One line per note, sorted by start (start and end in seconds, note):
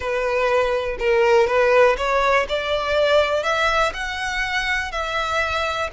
0.00 0.97 B4
0.99 1.47 A#4
1.47 1.96 B4
1.97 2.46 C#5
2.48 3.43 D5
3.43 3.92 E5
3.93 4.91 F#5
4.91 5.90 E5